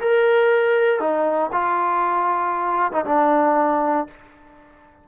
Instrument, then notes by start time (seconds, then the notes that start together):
trombone
0.00 A#4
1.00 D#4
1.52 F4
2.92 D#4
3.05 D4